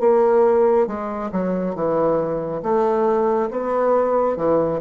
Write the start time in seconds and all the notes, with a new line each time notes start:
0.00 A#3
0.87 G#3
1.32 F#3
1.75 E3
2.62 A3
3.51 B3
4.36 E3